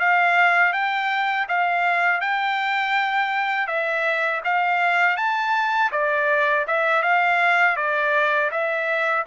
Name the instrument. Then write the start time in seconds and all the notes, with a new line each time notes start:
trumpet
0.00 F5
0.73 G5
1.49 F5
2.21 G5
3.68 E5
4.45 F5
5.18 A5
5.92 D5
6.68 E5
7.03 F5
7.77 D5
8.52 E5